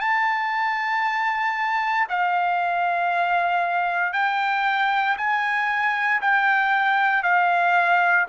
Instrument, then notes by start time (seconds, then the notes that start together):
trumpet
0.00 A5
2.09 F5
4.13 G5
5.17 G#5
6.21 G5
7.23 F5